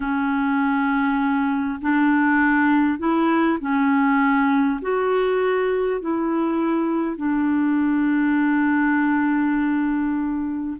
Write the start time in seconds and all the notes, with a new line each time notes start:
0.00 C#4
1.81 D4
2.98 E4
3.60 C#4
4.81 F#4
6.01 E4
7.16 D4